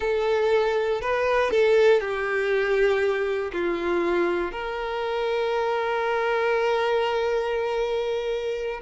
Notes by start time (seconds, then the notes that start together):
0.00 A4
1.01 B4
1.50 A4
2.00 G4
3.52 F4
4.52 A#4